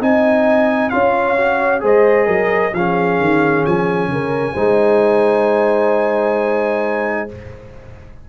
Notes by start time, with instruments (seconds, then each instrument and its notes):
0.00 tuba C4, trombone D#4, horn D#5, trumpet G#5
0.89 tuba C#4, trombone F4, horn C#5, trumpet F5
1.37 trombone F#4
1.80 tuba G#3, trombone G#4, horn C5, trumpet D#5
2.26 tuba F#3, horn A#4
2.74 tuba F3, trombone C#4, horn G#4, trumpet F5
3.20 tuba D#3
3.65 tuba F3, trumpet G#5
4.08 tuba C#3, horn A#4
4.53 tuba G#3, trombone D#4, horn C5